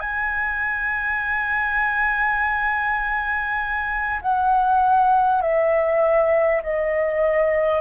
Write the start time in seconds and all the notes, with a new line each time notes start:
0.00 G#5
4.22 F#5
5.41 E5
6.63 D#5